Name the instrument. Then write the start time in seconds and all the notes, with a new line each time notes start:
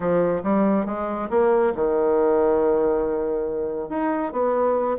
bassoon
0.00 F3
0.43 G3
0.85 G#3
1.30 A#3
1.75 D#3
3.89 D#4
4.32 B3